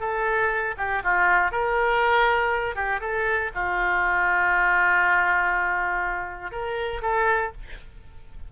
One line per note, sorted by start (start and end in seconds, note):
0.00 0.75 A4
0.78 1.03 G4
1.04 1.52 F4
1.52 2.75 A#4
2.75 3.00 G4
3.01 3.51 A4
3.55 6.52 F4
6.52 7.02 A#4
7.02 7.52 A4